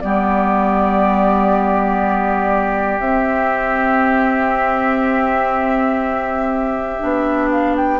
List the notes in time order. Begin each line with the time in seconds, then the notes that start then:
0.00 G3 B3 G4 D5
2.99 C4 E5
6.99 B3 D4
7.51 F5
7.76 G5